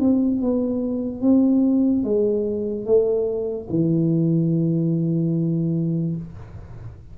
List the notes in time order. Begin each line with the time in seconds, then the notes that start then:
0.00 C4
0.41 B3
1.22 C4
2.04 G#3
2.86 A3
3.70 E3